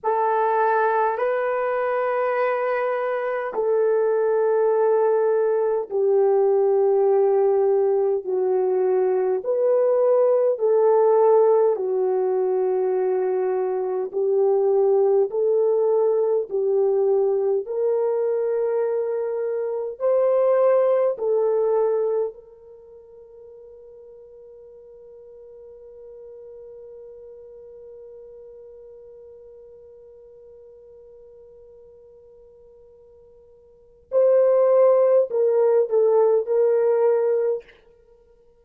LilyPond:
\new Staff \with { instrumentName = "horn" } { \time 4/4 \tempo 4 = 51 a'4 b'2 a'4~ | a'4 g'2 fis'4 | b'4 a'4 fis'2 | g'4 a'4 g'4 ais'4~ |
ais'4 c''4 a'4 ais'4~ | ais'1~ | ais'1~ | ais'4 c''4 ais'8 a'8 ais'4 | }